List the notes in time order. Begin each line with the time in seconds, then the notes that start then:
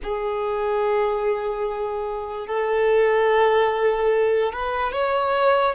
0.03 G#4
2.47 A4
4.52 B4
4.92 C#5